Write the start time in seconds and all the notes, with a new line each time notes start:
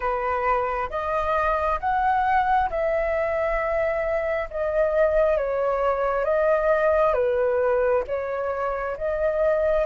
0.00 B4
0.90 D#5
1.80 F#5
2.69 E5
4.50 D#5
5.37 C#5
6.24 D#5
7.13 B4
8.07 C#5
8.97 D#5